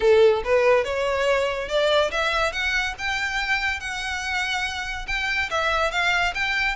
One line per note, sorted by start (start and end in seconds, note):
0.00 0.42 A4
0.44 0.84 B4
0.84 1.68 C#5
1.68 2.10 D5
2.11 2.52 E5
2.52 2.94 F#5
2.98 3.79 G5
3.79 5.06 F#5
5.07 5.49 G5
5.50 5.91 E5
5.91 6.33 F5
6.34 6.75 G5